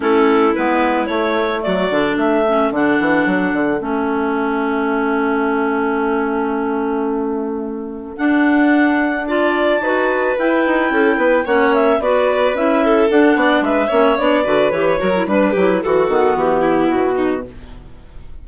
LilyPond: <<
  \new Staff \with { instrumentName = "clarinet" } { \time 4/4 \tempo 4 = 110 a'4 b'4 cis''4 d''4 | e''4 fis''2 e''4~ | e''1~ | e''2. fis''4~ |
fis''4 a''2 g''4~ | g''4 fis''8 e''8 d''4 e''4 | fis''4 e''4 d''4 cis''4 | b'4 a'4 g'4 fis'4 | }
  \new Staff \with { instrumentName = "violin" } { \time 4/4 e'2. fis'4 | a'1~ | a'1~ | a'1~ |
a'4 d''4 b'2 | a'8 b'8 cis''4 b'4. a'8~ | a'8 d''8 b'8 cis''4 b'4 ais'8 | b'8 g'8 fis'4. e'4 dis'8 | }
  \new Staff \with { instrumentName = "clarinet" } { \time 4/4 cis'4 b4 a4. d'8~ | d'8 cis'8 d'2 cis'4~ | cis'1~ | cis'2. d'4~ |
d'4 f'4 fis'4 e'4~ | e'4 cis'4 fis'4 e'4 | d'4. cis'8 d'8 fis'8 g'8 fis'16 e'16 | d'8 e'8 fis'8 b2~ b8 | }
  \new Staff \with { instrumentName = "bassoon" } { \time 4/4 a4 gis4 a4 fis8 d8 | a4 d8 e8 fis8 d8 a4~ | a1~ | a2. d'4~ |
d'2 dis'4 e'8 dis'8 | cis'8 b8 ais4 b4 cis'4 | d'8 b8 gis8 ais8 b8 d8 e8 fis8 | g8 fis8 e8 dis8 e4 b,4 | }
>>